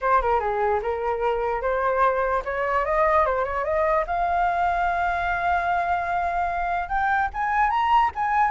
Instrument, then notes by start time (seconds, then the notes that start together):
flute
0.01 C5
0.21 A#4
0.39 G#4
0.82 A#4
1.61 C5
2.44 C#5
2.85 D#5
3.25 C5
3.44 C#5
3.64 D#5
4.07 F5
6.88 G5
7.33 G#5
7.70 A#5
8.15 G#5